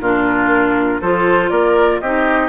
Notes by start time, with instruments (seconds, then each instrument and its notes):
0.00 bassoon A#2, clarinet D4, oboe F4, flute A#4
1.01 bassoon F3, clarinet F4, oboe A4, flute C5
1.50 bassoon A#3, oboe A#4, flute D5
2.00 bassoon C4, clarinet D#4, oboe G4, flute D#5